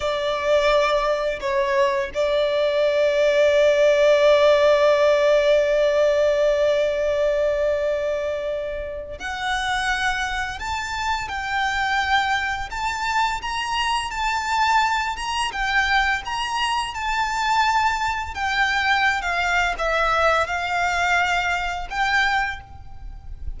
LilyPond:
\new Staff \with { instrumentName = "violin" } { \time 4/4 \tempo 4 = 85 d''2 cis''4 d''4~ | d''1~ | d''1~ | d''4 fis''2 a''4 |
g''2 a''4 ais''4 | a''4. ais''8 g''4 ais''4 | a''2 g''4~ g''16 f''8. | e''4 f''2 g''4 | }